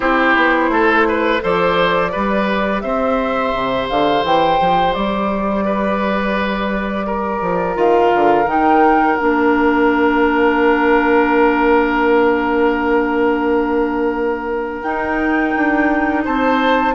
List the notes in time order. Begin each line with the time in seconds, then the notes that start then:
0.00 C4 E4 G4 C5
0.35 B3
0.69 A3 A4
1.07 B4
1.41 F3 A4 C5 D5
2.09 G3 G4 B4
2.81 C4 C5 E5
3.53 C3
3.89 D3 F5
4.23 E3 G5
4.60 F3
4.93 G3 D5
5.65 B4
7.06 A#4
7.41 F3
7.74 D#3 F4 F5
8.14 D3
8.46 D#3 D#4 G5
9.17 A#3 D4 F5
14.81 D#4 G5
15.56 D4
16.24 C4 C5 A5